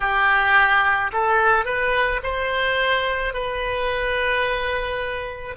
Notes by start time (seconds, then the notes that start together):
0.00 G4
1.12 A4
1.65 B4
2.23 C5
3.33 B4